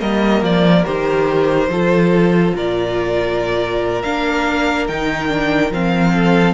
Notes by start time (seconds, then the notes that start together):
0.00 G3 A#3 A#4 D#5
0.41 F3 D5
0.84 D#3 G4 C5
1.68 F3 F4 A4
2.55 A#2 A#4 D5
4.02 A#3 D4 F5
4.87 D#3 D#4 G5
5.28 D4
5.71 F3 C4 F5
6.12 A4